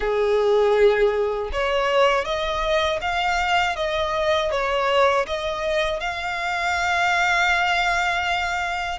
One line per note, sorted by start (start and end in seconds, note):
0.00 1.50 G#4
1.52 2.24 C#5
2.24 2.99 D#5
3.01 3.76 F5
3.76 4.51 D#5
4.51 5.26 C#5
5.26 6.00 D#5
6.00 8.98 F5